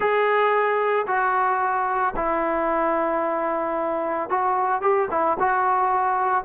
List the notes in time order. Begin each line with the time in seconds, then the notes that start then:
0.00 G#4
1.07 F#4
2.16 E4
4.29 F#4
4.81 G4
5.10 E4
5.39 F#4